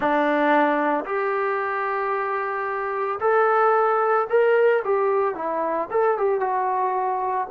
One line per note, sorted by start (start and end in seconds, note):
0.00 1.05 D4
1.05 3.19 G4
3.20 4.27 A4
4.29 4.83 A#4
4.84 5.34 G4
5.34 5.88 E4
5.90 6.17 A4
6.17 6.40 G4
6.40 7.47 F#4